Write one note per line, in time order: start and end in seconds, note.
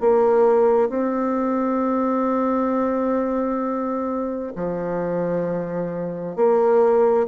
0.00 0.89 A#3
0.89 4.52 C4
4.55 6.36 F3
6.36 7.26 A#3